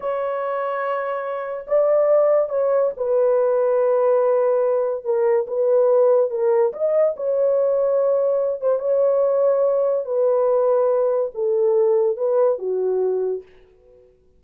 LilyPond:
\new Staff \with { instrumentName = "horn" } { \time 4/4 \tempo 4 = 143 cis''1 | d''2 cis''4 b'4~ | b'1 | ais'4 b'2 ais'4 |
dis''4 cis''2.~ | cis''8 c''8 cis''2. | b'2. a'4~ | a'4 b'4 fis'2 | }